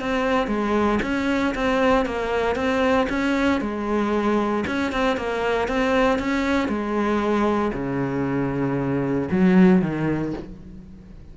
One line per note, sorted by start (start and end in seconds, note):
0.00 0.47 C4
0.47 0.99 G#3
1.03 1.54 C#4
1.55 2.06 C4
2.06 2.56 A#3
2.56 3.07 C4
3.09 3.61 C#4
3.61 4.65 G#3
4.67 4.92 C#4
4.92 5.17 C4
5.17 5.68 A#3
5.68 6.19 C4
6.19 6.68 C#4
6.68 7.72 G#3
7.74 9.29 C#3
9.31 9.82 F#3
9.82 10.34 D#3